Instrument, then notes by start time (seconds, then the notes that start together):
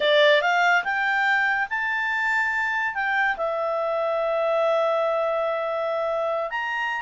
clarinet
0.00 D5
0.41 F5
0.84 G5
1.69 A5
2.94 G5
3.36 E5
6.50 A#5